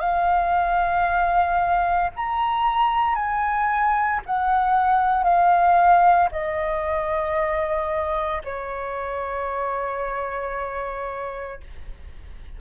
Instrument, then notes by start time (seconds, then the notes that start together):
flute
0.00 F5
2.16 A#5
3.15 G#5
4.26 F#5
5.23 F5
6.32 D#5
8.44 C#5